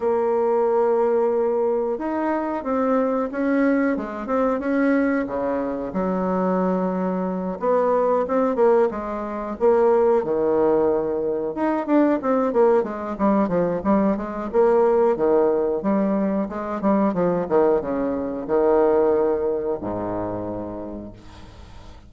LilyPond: \new Staff \with { instrumentName = "bassoon" } { \time 4/4 \tempo 4 = 91 ais2. dis'4 | c'4 cis'4 gis8 c'8 cis'4 | cis4 fis2~ fis8 b8~ | b8 c'8 ais8 gis4 ais4 dis8~ |
dis4. dis'8 d'8 c'8 ais8 gis8 | g8 f8 g8 gis8 ais4 dis4 | g4 gis8 g8 f8 dis8 cis4 | dis2 gis,2 | }